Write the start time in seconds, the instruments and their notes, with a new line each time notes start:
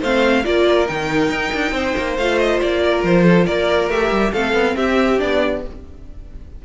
0.00 cello A3, viola C4, violin C5 F5
0.43 cello A#3, viola F4, violin A#4 D5
0.87 cello D#3, viola D#4, violin G5
1.30 cello D#4
1.54 cello D4
1.71 cello C4, violin C5
1.97 cello A#3
2.17 cello A3, viola F4, violin F5
2.39 violin D#5
2.61 cello A#3, violin D5
2.83 violin A#4
3.03 cello F3, violin C5
3.24 violin A4
3.45 cello A#3, violin A#4 D5
3.89 cello A3, viola G4, violin E5
4.11 cello G3
4.33 cello A3, viola C4, violin A4 F5
4.53 cello B3
4.76 cello C4, violin G4 E5
5.18 cello B3, viola D4, violin D5